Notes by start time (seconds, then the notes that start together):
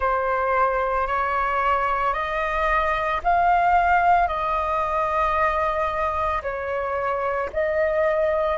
0.00 C5
1.07 C#5
2.13 D#5
3.23 F5
4.27 D#5
6.42 C#5
7.52 D#5